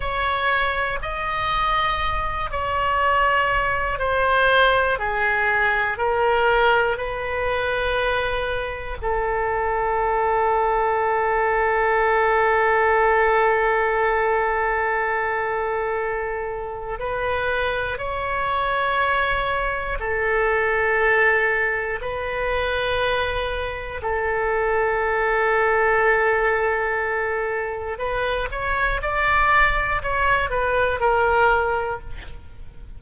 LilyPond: \new Staff \with { instrumentName = "oboe" } { \time 4/4 \tempo 4 = 60 cis''4 dis''4. cis''4. | c''4 gis'4 ais'4 b'4~ | b'4 a'2.~ | a'1~ |
a'4 b'4 cis''2 | a'2 b'2 | a'1 | b'8 cis''8 d''4 cis''8 b'8 ais'4 | }